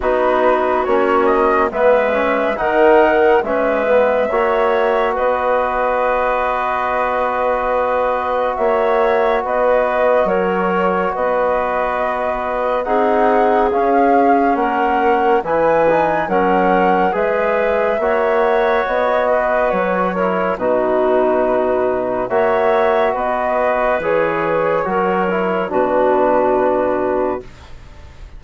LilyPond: <<
  \new Staff \with { instrumentName = "flute" } { \time 4/4 \tempo 4 = 70 b'4 cis''8 dis''8 e''4 fis''4 | e''2 dis''2~ | dis''2 e''4 dis''4 | cis''4 dis''2 fis''4 |
f''4 fis''4 gis''4 fis''4 | e''2 dis''4 cis''4 | b'2 e''4 dis''4 | cis''2 b'2 | }
  \new Staff \with { instrumentName = "clarinet" } { \time 4/4 fis'2 b'4 ais'4 | b'4 cis''4 b'2~ | b'2 cis''4 b'4 | ais'4 b'2 gis'4~ |
gis'4 ais'4 b'4 ais'4 | b'4 cis''4. b'4 ais'8 | fis'2 cis''4 b'4~ | b'4 ais'4 fis'2 | }
  \new Staff \with { instrumentName = "trombone" } { \time 4/4 dis'4 cis'4 b8 cis'8 dis'4 | cis'8 b8 fis'2.~ | fis'1~ | fis'2. dis'4 |
cis'2 e'8 dis'8 cis'4 | gis'4 fis'2~ fis'8 e'8 | dis'2 fis'2 | gis'4 fis'8 e'8 d'2 | }
  \new Staff \with { instrumentName = "bassoon" } { \time 4/4 b4 ais4 gis4 dis4 | gis4 ais4 b2~ | b2 ais4 b4 | fis4 b2 c'4 |
cis'4 ais4 e4 fis4 | gis4 ais4 b4 fis4 | b,2 ais4 b4 | e4 fis4 b,2 | }
>>